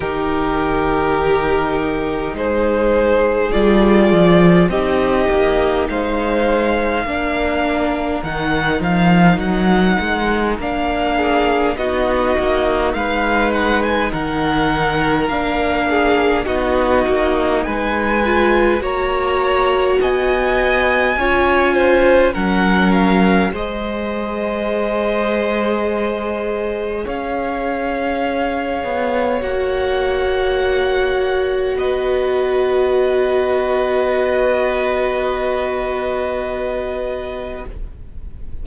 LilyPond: <<
  \new Staff \with { instrumentName = "violin" } { \time 4/4 \tempo 4 = 51 ais'2 c''4 d''4 | dis''4 f''2 fis''8 f''8 | fis''4 f''4 dis''4 f''8 fis''16 gis''16 | fis''4 f''4 dis''4 gis''4 |
ais''4 gis''2 fis''8 f''8 | dis''2. f''4~ | f''4 fis''2 dis''4~ | dis''1 | }
  \new Staff \with { instrumentName = "violin" } { \time 4/4 g'2 gis'2 | g'4 c''4 ais'2~ | ais'4. gis'8 fis'4 b'4 | ais'4. gis'8 fis'4 b'4 |
cis''4 dis''4 cis''8 c''8 ais'4 | c''2. cis''4~ | cis''2. b'4~ | b'1 | }
  \new Staff \with { instrumentName = "viola" } { \time 4/4 dis'2. f'4 | dis'2 d'4 dis'4~ | dis'4 d'4 dis'2~ | dis'4 d'4 dis'4. f'8 |
fis'2 f'4 cis'4 | gis'1~ | gis'4 fis'2.~ | fis'1 | }
  \new Staff \with { instrumentName = "cello" } { \time 4/4 dis2 gis4 g8 f8 | c'8 ais8 gis4 ais4 dis8 f8 | fis8 gis8 ais4 b8 ais8 gis4 | dis4 ais4 b8 ais8 gis4 |
ais4 b4 cis'4 fis4 | gis2. cis'4~ | cis'8 b8 ais2 b4~ | b1 | }
>>